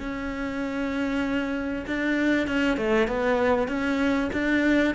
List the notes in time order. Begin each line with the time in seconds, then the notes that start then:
0.00 C#4
1.87 D4
2.48 C#4
2.78 A3
3.08 B3
3.69 C#4
4.33 D4